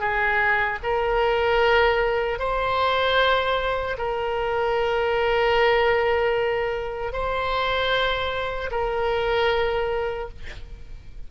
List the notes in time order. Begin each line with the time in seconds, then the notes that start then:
0.00 G#4
0.83 A#4
2.39 C5
3.98 A#4
7.13 C5
8.71 A#4